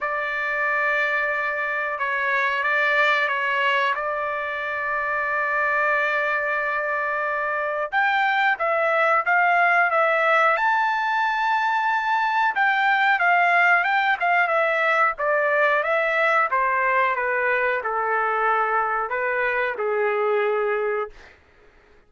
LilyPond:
\new Staff \with { instrumentName = "trumpet" } { \time 4/4 \tempo 4 = 91 d''2. cis''4 | d''4 cis''4 d''2~ | d''1 | g''4 e''4 f''4 e''4 |
a''2. g''4 | f''4 g''8 f''8 e''4 d''4 | e''4 c''4 b'4 a'4~ | a'4 b'4 gis'2 | }